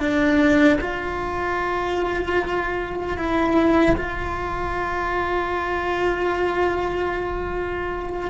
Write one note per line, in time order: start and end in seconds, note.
0.00 0.79 D4
0.81 3.17 F4
3.17 3.96 E4
3.97 8.30 F4